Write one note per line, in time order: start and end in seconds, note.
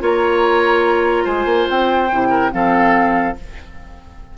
0.00 1.25 A#3
0.00 2.08 F4
0.00 1.24 C#5
0.00 1.26 A#5
1.24 1.45 G#3
1.24 2.28 C5
1.24 1.68 G#5
1.45 1.66 A#3
1.70 2.11 C4
1.70 2.52 G5
2.11 2.53 C3
2.11 2.51 E4
2.29 2.50 A#4
2.51 3.36 F3
2.51 3.35 C4
2.51 3.37 A4
2.51 3.36 F5